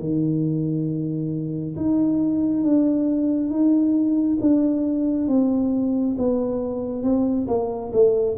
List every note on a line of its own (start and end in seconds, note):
0.00 1.76 D#3
1.76 2.64 D#4
2.64 3.50 D4
3.50 4.38 D#4
4.41 5.28 D4
5.28 6.16 C4
6.18 7.03 B3
7.03 7.47 C4
7.48 7.92 A#3
7.93 8.37 A3